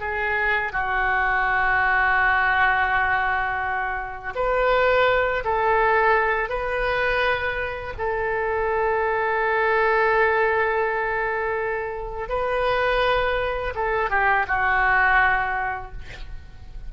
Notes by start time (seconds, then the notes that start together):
0.00 G#4
0.72 F#4
4.35 B4
5.44 A4
6.49 B4
7.98 A4
12.29 B4
13.75 A4
14.10 G4
14.47 F#4